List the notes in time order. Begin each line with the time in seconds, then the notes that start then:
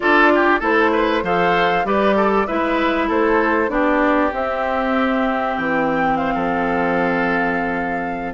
0.00 D4 F4 A4 D5
0.34 G4
0.59 A3 E4 A4 C5
0.92 B4
1.22 F3 A4 C5 F5
1.84 G3 G4 B4 D5
2.16 A4
2.46 G#3 E4 B4 E5
3.08 A3 A4 C5
3.68 B3 D4 G4 D5
4.32 C4 E5
5.57 E3 G5
6.16 C5 F5
6.34 F3 A4